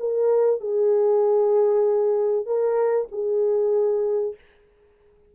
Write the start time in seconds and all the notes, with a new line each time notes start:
0.00 A#4
0.61 G#4
2.47 A#4
3.12 G#4